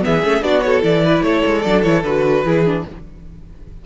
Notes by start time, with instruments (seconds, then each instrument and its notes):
0.00 cello E3, viola B3, violin G#4 E5
0.22 cello A3, viola C#4
0.42 cello B3, viola D4, violin F#4 D5
0.61 viola F#4, violin A4 C#5
0.81 cello E3, viola E4, violin D5
1.05 violin B4
1.21 cello A3, violin A4 C#5
1.46 cello G#3
1.62 cello F#3, viola D4, violin D5
1.83 cello E3, viola E4, violin C#5
2.03 cello D3, viola F#4, violin B4
2.43 cello E3, viola E4, violin G#4
2.65 viola D4